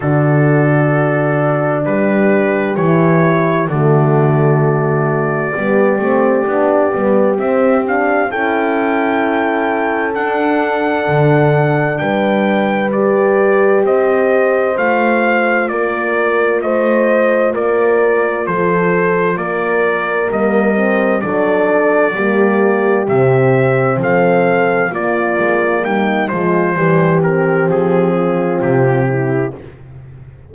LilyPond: <<
  \new Staff \with { instrumentName = "trumpet" } { \time 4/4 \tempo 4 = 65 a'2 b'4 cis''4 | d''1 | e''8 f''8 g''2 fis''4~ | fis''4 g''4 d''4 dis''4 |
f''4 d''4 dis''4 d''4 | c''4 d''4 dis''4 d''4~ | d''4 e''4 f''4 d''4 | g''8 c''4 ais'8 gis'4 g'4 | }
  \new Staff \with { instrumentName = "horn" } { \time 4/4 fis'2 g'2 | fis'2 g'2~ | g'4 a'2.~ | a'4 b'2 c''4~ |
c''4 ais'4 c''4 ais'4 | a'4 ais'2 a'4 | g'2 a'4 f'4 | dis'8 f'8 g'4. f'4 e'8 | }
  \new Staff \with { instrumentName = "horn" } { \time 4/4 d'2. e'4 | a2 b8 c'8 d'8 b8 | c'8 d'8 e'2 d'4~ | d'2 g'2 |
f'1~ | f'2 ais8 c'8 d'4 | ais4 c'2 ais4~ | ais8 gis8 g8 c'2~ c'8 | }
  \new Staff \with { instrumentName = "double bass" } { \time 4/4 d2 g4 e4 | d2 g8 a8 b8 g8 | c'4 cis'2 d'4 | d4 g2 c'4 |
a4 ais4 a4 ais4 | f4 ais4 g4 fis4 | g4 c4 f4 ais8 gis8 | g8 f8 e4 f4 c4 | }
>>